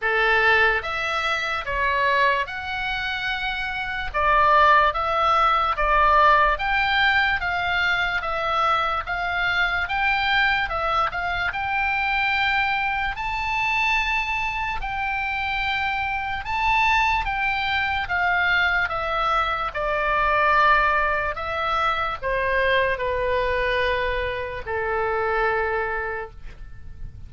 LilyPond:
\new Staff \with { instrumentName = "oboe" } { \time 4/4 \tempo 4 = 73 a'4 e''4 cis''4 fis''4~ | fis''4 d''4 e''4 d''4 | g''4 f''4 e''4 f''4 | g''4 e''8 f''8 g''2 |
a''2 g''2 | a''4 g''4 f''4 e''4 | d''2 e''4 c''4 | b'2 a'2 | }